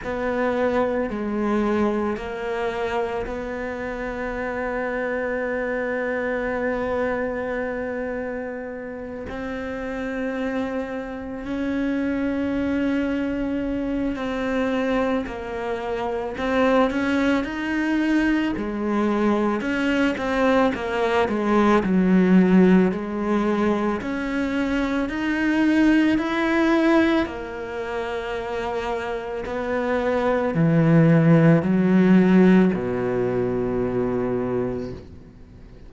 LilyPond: \new Staff \with { instrumentName = "cello" } { \time 4/4 \tempo 4 = 55 b4 gis4 ais4 b4~ | b1~ | b8 c'2 cis'4.~ | cis'4 c'4 ais4 c'8 cis'8 |
dis'4 gis4 cis'8 c'8 ais8 gis8 | fis4 gis4 cis'4 dis'4 | e'4 ais2 b4 | e4 fis4 b,2 | }